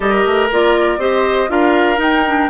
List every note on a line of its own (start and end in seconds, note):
0.00 0.25 G3
0.00 0.50 G4
0.00 0.99 A#4
0.00 0.50 D#5
0.25 0.50 A3
0.51 0.97 A#3
0.51 0.98 F4
0.51 1.01 D5
0.97 1.48 C4
0.97 1.48 G4
0.97 1.49 C5
0.97 1.50 D#5
1.48 1.98 D4
1.48 1.97 F4
1.48 2.49 A#4
1.48 2.00 F5
1.97 2.22 D#4
1.97 2.48 D#4
1.97 2.49 G5
2.27 2.49 D4